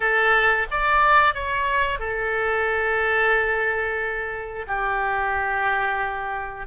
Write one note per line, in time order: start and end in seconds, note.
0.00 0.67 A4
0.70 1.34 D5
1.34 1.99 C#5
1.99 4.65 A4
4.67 6.66 G4